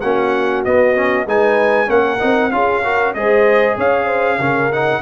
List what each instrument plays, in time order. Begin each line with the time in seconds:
0.00 tuba A#3, trombone C#4, horn F#4, trumpet F#5
0.64 trombone B3, tuba B3, trumpet D#5
0.95 trombone C#4
1.25 tuba G#3, trombone D#4, horn B4, trumpet G#5
1.86 tuba A#3, trombone C#4, horn A#4, trumpet F#5
2.19 tuba C4, trombone D#4
2.51 tuba C#4, trombone F4, horn G#4, trumpet F5
2.83 trombone F#4, horn A#4
3.14 tuba G#3, trombone G#4, horn C5, trumpet D#5
3.77 tuba C#4, horn C#5, trumpet F5
4.05 horn C5
4.38 tuba C#3, trombone C#4, horn A#4
4.71 trombone D#4, trumpet F#5